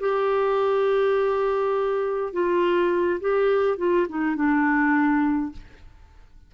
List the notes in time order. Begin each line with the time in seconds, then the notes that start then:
0.00 G4
2.32 F4
3.20 G4
3.77 F4
4.09 D#4
4.36 D4